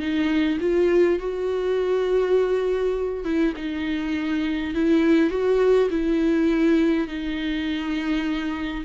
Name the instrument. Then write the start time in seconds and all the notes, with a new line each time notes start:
viola
0.00 D#4
0.60 F4
1.19 F#4
3.24 E4
3.57 D#4
4.75 E4
5.30 F#4
5.91 E4
7.08 D#4